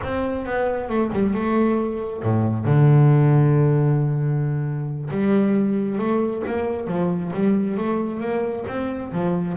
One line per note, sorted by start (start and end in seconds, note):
0.03 0.45 C4
0.45 0.89 B3
0.89 1.11 A3
1.12 1.34 G3
1.34 2.22 A3
2.22 2.65 A2
2.65 5.09 D3
5.10 5.98 G3
5.98 6.43 A3
6.47 6.87 A#3
6.87 7.31 F3
7.33 7.77 G3
7.77 8.20 A3
8.20 8.64 A#3
8.67 9.12 C4
9.12 9.56 F3